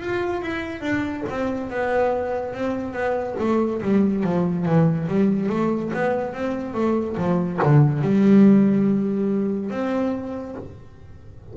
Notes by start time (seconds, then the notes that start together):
0.00 F4
0.42 E4
0.81 D4
1.29 C4
1.69 B3
2.53 C4
2.93 B3
3.39 A3
3.82 G3
4.23 F3
4.65 E3
5.08 G3
5.49 A3
5.93 B3
6.33 C4
6.74 A3
7.17 F3
7.62 D3
8.01 G3
9.70 C4